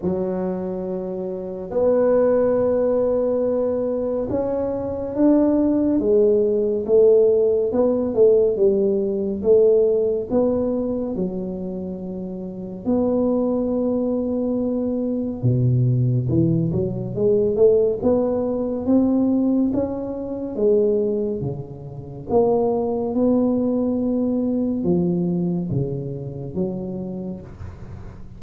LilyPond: \new Staff \with { instrumentName = "tuba" } { \time 4/4 \tempo 4 = 70 fis2 b2~ | b4 cis'4 d'4 gis4 | a4 b8 a8 g4 a4 | b4 fis2 b4~ |
b2 b,4 e8 fis8 | gis8 a8 b4 c'4 cis'4 | gis4 cis4 ais4 b4~ | b4 f4 cis4 fis4 | }